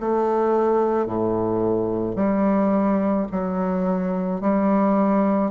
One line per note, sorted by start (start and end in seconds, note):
0.00 1.06 A3
1.06 2.16 A2
2.16 3.27 G3
3.31 4.41 F#3
4.41 5.51 G3